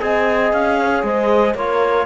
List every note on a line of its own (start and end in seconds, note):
0.00 0.53 C4
0.00 1.55 G#4
0.00 0.80 D#5
0.00 0.53 G#5
0.53 1.03 C#4
0.53 1.04 F5
0.82 1.05 C#5
1.03 1.55 G#3
1.03 1.56 C5
1.03 1.56 D#5
1.55 2.06 A#3
1.55 2.06 F4
1.55 2.06 A#4
1.55 2.06 C#5